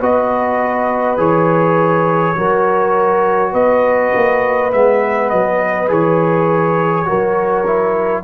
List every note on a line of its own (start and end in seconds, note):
0.00 1.18 B3
0.00 1.17 F#4
0.00 2.35 B4
0.00 1.19 D#5
1.17 2.35 E3
1.17 2.35 G#4
1.17 3.54 C#5
2.36 3.53 F#3
2.36 4.71 F#4
2.36 3.53 A#4
3.53 4.12 B3
3.53 7.06 B4
3.53 4.72 D#5
4.14 4.73 A#3
4.71 5.32 G#3
4.71 5.88 B3
4.71 5.30 E5
5.30 5.90 F#3
5.30 5.89 D#5
5.88 7.07 E3
5.88 7.05 G#4
5.88 8.24 C#5
7.05 8.24 F#3
7.05 7.64 F#4
7.05 8.24 A#4
7.66 8.24 E4